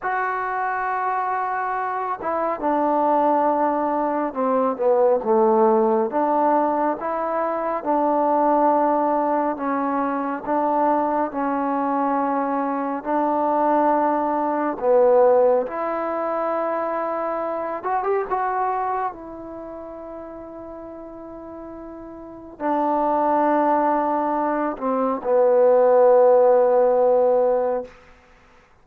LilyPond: \new Staff \with { instrumentName = "trombone" } { \time 4/4 \tempo 4 = 69 fis'2~ fis'8 e'8 d'4~ | d'4 c'8 b8 a4 d'4 | e'4 d'2 cis'4 | d'4 cis'2 d'4~ |
d'4 b4 e'2~ | e'8 fis'16 g'16 fis'4 e'2~ | e'2 d'2~ | d'8 c'8 b2. | }